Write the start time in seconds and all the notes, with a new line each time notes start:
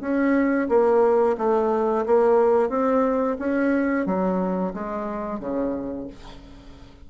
0.00 C#4
0.69 A#3
1.37 A3
2.06 A#3
2.69 C4
3.38 C#4
4.05 F#3
4.73 G#3
5.39 C#3